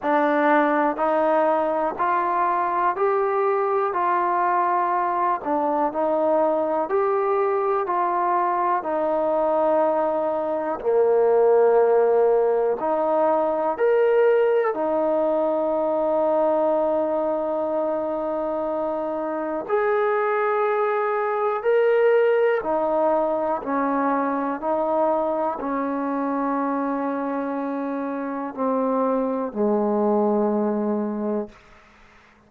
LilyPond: \new Staff \with { instrumentName = "trombone" } { \time 4/4 \tempo 4 = 61 d'4 dis'4 f'4 g'4 | f'4. d'8 dis'4 g'4 | f'4 dis'2 ais4~ | ais4 dis'4 ais'4 dis'4~ |
dis'1 | gis'2 ais'4 dis'4 | cis'4 dis'4 cis'2~ | cis'4 c'4 gis2 | }